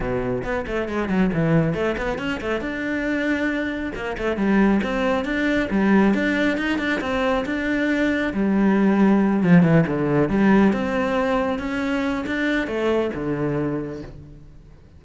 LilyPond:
\new Staff \with { instrumentName = "cello" } { \time 4/4 \tempo 4 = 137 b,4 b8 a8 gis8 fis8 e4 | a8 b8 cis'8 a8 d'2~ | d'4 ais8 a8 g4 c'4 | d'4 g4 d'4 dis'8 d'8 |
c'4 d'2 g4~ | g4. f8 e8 d4 g8~ | g8 c'2 cis'4. | d'4 a4 d2 | }